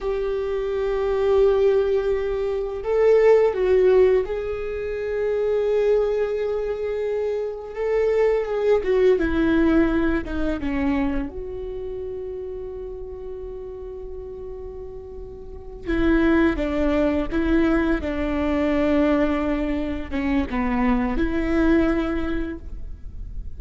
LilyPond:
\new Staff \with { instrumentName = "viola" } { \time 4/4 \tempo 4 = 85 g'1 | a'4 fis'4 gis'2~ | gis'2. a'4 | gis'8 fis'8 e'4. dis'8 cis'4 |
fis'1~ | fis'2~ fis'8 e'4 d'8~ | d'8 e'4 d'2~ d'8~ | d'8 cis'8 b4 e'2 | }